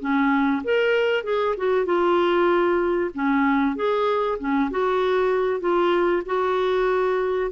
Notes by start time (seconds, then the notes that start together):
0.00 C#4
0.64 A#4
1.24 G#4
1.57 F#4
1.86 F4
3.14 C#4
3.76 G#4
4.39 C#4
4.71 F#4
5.61 F4
6.26 F#4